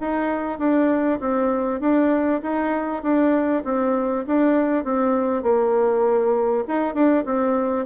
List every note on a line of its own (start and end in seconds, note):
0.00 0.58 D#4
0.58 1.19 D4
1.20 1.80 C4
1.80 2.41 D4
2.42 3.02 D#4
3.02 3.63 D4
3.64 4.25 C4
4.26 4.84 D4
4.84 5.42 C4
5.42 6.63 A#3
6.67 6.94 D#4
6.94 7.24 D4
7.25 7.85 C4